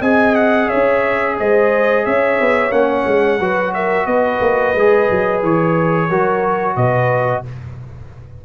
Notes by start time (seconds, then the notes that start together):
0.00 C4 G#4 D#5 G#5
0.35 F#5
0.67 C#4 C#5 E5
1.37 G#3 C5 D#5
2.05 C#4 C#5 E5
2.40 B3
2.71 A#3 C#4 F#5
3.06 G#3
3.39 F#3 F#4 B4
3.74 A#4 E5
4.06 B3 B4 D#5
4.40 A#3
4.75 G#3 G#4
5.10 F#3
5.43 E3 C#5
6.09 F#3 F#4 A#4
6.76 B2 B4 D#5